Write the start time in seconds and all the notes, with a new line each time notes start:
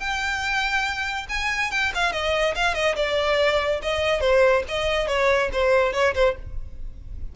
0.00 G5
1.29 G#5
1.71 G5
1.95 F5
2.13 D#5
2.55 F5
2.75 D#5
2.96 D5
3.83 D#5
4.21 C5
4.69 D#5
5.08 C#5
5.53 C5
5.93 C#5
6.15 C5